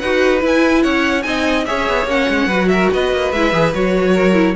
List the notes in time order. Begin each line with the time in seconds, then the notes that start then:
0.00 D#4 F#4 B4 F#5
0.40 E4
0.47 G#5
0.83 C#4 C#5 F#5
1.23 C4 D#4 D#5 G#5
1.66 C#4 G#4 C#5 E5
1.89 B3
2.06 A#3 C#4 F#5
2.29 G#3
2.47 F#3 F#4 B4
2.69 A#4 E5
2.92 B3 B4 D#5
3.13 A#3
3.32 G#3 E4 E5
3.53 E3 G#4
3.75 F#3 F#4 C#5
4.13 A#4
4.34 E4